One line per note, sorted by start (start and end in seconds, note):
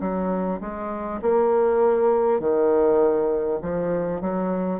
0.00 0.60 F#3
0.61 1.21 G#3
1.21 2.39 A#3
2.39 3.59 D#3
3.61 4.21 F3
4.21 4.80 F#3